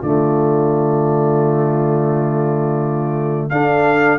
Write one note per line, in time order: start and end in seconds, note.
0.00 3.51 D3
0.00 3.50 A3
0.00 3.49 F4
0.00 3.49 D5
3.49 4.19 D4
3.49 4.19 A4
3.49 4.19 F5